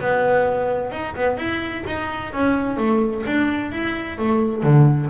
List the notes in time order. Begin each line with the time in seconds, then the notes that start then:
0.00 B3
0.92 D#4
1.15 B3
1.37 E4
1.86 D#4
2.33 C#4
2.77 A3
3.26 D4
3.72 E4
4.18 A3
4.63 D3